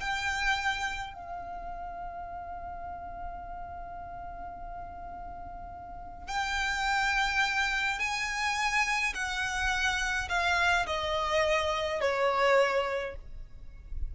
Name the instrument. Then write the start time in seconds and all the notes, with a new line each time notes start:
violin
0.00 G5
1.14 F5
6.28 G5
7.99 G#5
9.14 F#5
10.29 F5
10.86 D#5
12.01 C#5